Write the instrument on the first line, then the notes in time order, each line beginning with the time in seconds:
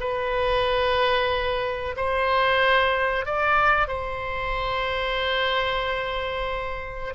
oboe
0.00 B4
1.97 C5
3.26 D5
3.88 C5